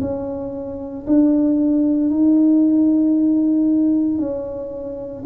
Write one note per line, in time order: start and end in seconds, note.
0.00 1.05 C#4
1.06 2.10 D4
2.10 4.18 D#4
4.18 5.23 C#4